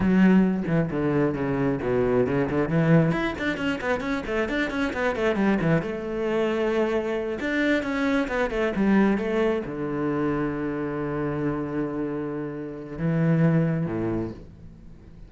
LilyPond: \new Staff \with { instrumentName = "cello" } { \time 4/4 \tempo 4 = 134 fis4. e8 d4 cis4 | b,4 cis8 d8 e4 e'8 d'8 | cis'8 b8 cis'8 a8 d'8 cis'8 b8 a8 | g8 e8 a2.~ |
a8 d'4 cis'4 b8 a8 g8~ | g8 a4 d2~ d8~ | d1~ | d4 e2 a,4 | }